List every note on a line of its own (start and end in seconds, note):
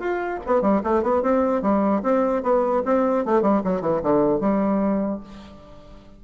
0.00 0.40 F4
0.47 0.62 B3
0.62 0.82 G3
0.84 1.03 A3
1.03 1.23 B3
1.23 1.62 C4
1.62 2.02 G3
2.03 2.43 C4
2.43 2.83 B3
2.86 3.26 C4
3.26 3.43 A3
3.43 3.63 G3
3.64 3.82 F#3
3.82 4.02 E3
4.03 4.41 D3
4.41 5.21 G3